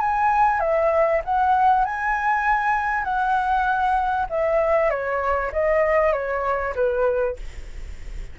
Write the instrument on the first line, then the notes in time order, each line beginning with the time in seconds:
flute
0.00 G#5
0.60 E5
1.24 F#5
1.85 G#5
3.04 F#5
4.29 E5
4.90 C#5
5.52 D#5
6.13 C#5
6.75 B4